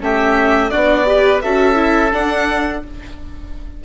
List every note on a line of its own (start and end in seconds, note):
0.00 0.72 A3
0.00 0.71 C#4
0.00 0.71 G4
0.00 0.70 E5
0.70 1.44 B3
0.70 1.05 D4
0.70 1.06 F#4
0.70 1.41 D5
1.05 1.41 G4
1.05 1.44 B4
1.42 2.13 C#4
1.42 1.75 F#4
1.42 2.85 A4
1.42 2.13 E5
1.75 2.10 E4
2.12 2.83 D4
2.12 2.84 D4
2.12 2.84 F#5